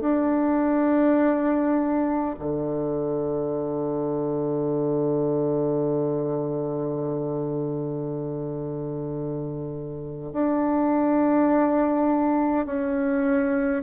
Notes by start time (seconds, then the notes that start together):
0.00 D4
2.39 D3
10.33 D4
12.66 C#4